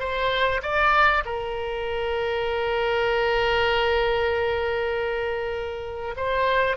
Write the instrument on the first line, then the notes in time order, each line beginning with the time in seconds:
oboe
0.00 C5
0.63 D5
1.25 A#4
6.16 C5